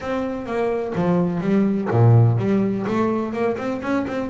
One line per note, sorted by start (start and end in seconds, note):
0.00 0.46 C4
0.46 0.93 A#3
0.95 1.40 F3
1.40 1.88 G3
1.90 2.37 A#2
2.37 2.85 G3
2.87 3.32 A3
3.32 3.56 A#3
3.57 3.81 C4
3.82 4.05 C#4
4.07 4.30 C4